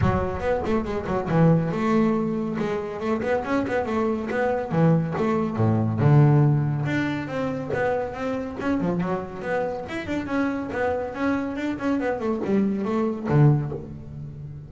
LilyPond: \new Staff \with { instrumentName = "double bass" } { \time 4/4 \tempo 4 = 140 fis4 b8 a8 gis8 fis8 e4 | a2 gis4 a8 b8 | cis'8 b8 a4 b4 e4 | a4 a,4 d2 |
d'4 c'4 b4 c'4 | cis'8 f8 fis4 b4 e'8 d'8 | cis'4 b4 cis'4 d'8 cis'8 | b8 a8 g4 a4 d4 | }